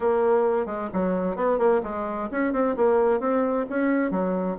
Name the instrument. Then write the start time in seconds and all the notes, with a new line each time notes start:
bassoon
0.00 A#3
0.66 G#3
0.93 F#3
1.35 B3
1.58 A#3
1.83 G#3
2.31 C#4
2.53 C4
2.76 A#3
3.20 C4
3.69 C#4
4.11 F#3